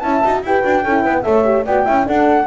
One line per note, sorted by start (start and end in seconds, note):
0.00 0.24 C#4
0.00 0.23 E4
0.00 0.44 E5
0.00 0.41 A5
0.25 0.43 D#4
0.25 0.45 F#4
0.43 0.64 E4
0.43 0.64 G4
0.43 0.85 B4
0.43 1.23 G5
0.64 0.85 D4
0.64 0.84 F#4
0.85 1.05 C#4
0.85 1.24 E4
0.85 1.04 A4
1.04 1.26 B3
1.04 1.24 B4
1.23 1.67 A3
1.23 1.44 A4
1.23 1.66 C#5
1.23 1.64 E5
1.45 1.65 G4
1.66 1.87 B3
1.66 1.86 F#4
1.66 1.85 D5
1.66 2.08 G5
1.85 2.09 C#4
1.85 2.05 E4
1.85 2.06 E5
2.05 2.46 D4
2.05 2.47 D4
2.05 2.47 A4
2.05 2.47 F#5